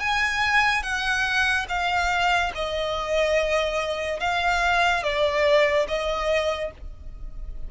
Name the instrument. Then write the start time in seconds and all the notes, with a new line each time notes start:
violin
0.00 G#5
0.83 F#5
1.69 F5
2.55 D#5
4.20 F5
5.03 D5
5.88 D#5